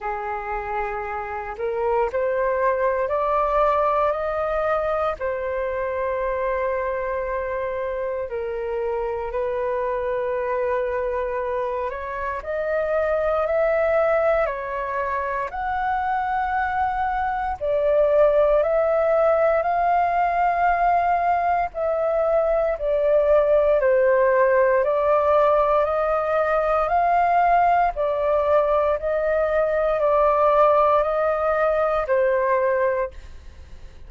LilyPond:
\new Staff \with { instrumentName = "flute" } { \time 4/4 \tempo 4 = 58 gis'4. ais'8 c''4 d''4 | dis''4 c''2. | ais'4 b'2~ b'8 cis''8 | dis''4 e''4 cis''4 fis''4~ |
fis''4 d''4 e''4 f''4~ | f''4 e''4 d''4 c''4 | d''4 dis''4 f''4 d''4 | dis''4 d''4 dis''4 c''4 | }